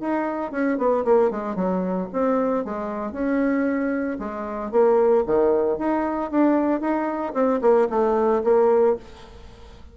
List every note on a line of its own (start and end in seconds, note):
0.00 0.51 D#4
0.51 0.78 C#4
0.78 1.04 B3
1.05 1.31 A#3
1.31 1.55 G#3
1.55 2.08 F#3
2.12 2.65 C4
2.65 3.12 G#3
3.12 4.17 C#4
4.19 4.71 G#3
4.71 5.24 A#3
5.26 5.78 D#3
5.78 6.31 D#4
6.31 6.80 D4
6.80 7.33 D#4
7.34 7.60 C4
7.61 7.88 A#3
7.90 8.42 A3
8.44 8.96 A#3